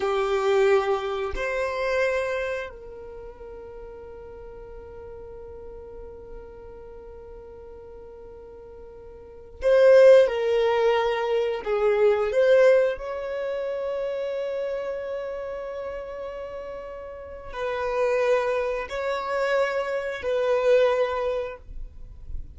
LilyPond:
\new Staff \with { instrumentName = "violin" } { \time 4/4 \tempo 4 = 89 g'2 c''2 | ais'1~ | ais'1~ | ais'2~ ais'16 c''4 ais'8.~ |
ais'4~ ais'16 gis'4 c''4 cis''8.~ | cis''1~ | cis''2 b'2 | cis''2 b'2 | }